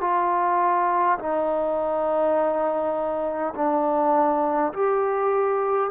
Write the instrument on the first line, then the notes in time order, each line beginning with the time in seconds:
trombone
0.00 F4
1.18 D#4
3.55 D4
4.73 G4